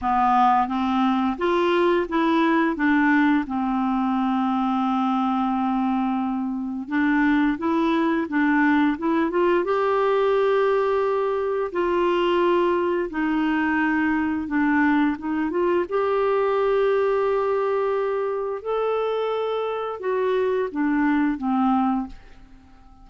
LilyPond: \new Staff \with { instrumentName = "clarinet" } { \time 4/4 \tempo 4 = 87 b4 c'4 f'4 e'4 | d'4 c'2.~ | c'2 d'4 e'4 | d'4 e'8 f'8 g'2~ |
g'4 f'2 dis'4~ | dis'4 d'4 dis'8 f'8 g'4~ | g'2. a'4~ | a'4 fis'4 d'4 c'4 | }